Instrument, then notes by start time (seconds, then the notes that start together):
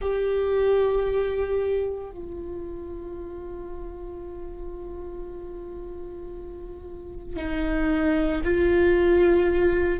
viola
0.01 G4
2.11 F4
7.36 D#4
8.44 F4